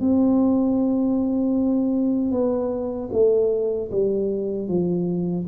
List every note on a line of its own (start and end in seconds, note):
0.00 2.31 C4
2.31 3.09 B3
3.12 3.90 A3
3.91 4.68 G3
4.68 5.46 F3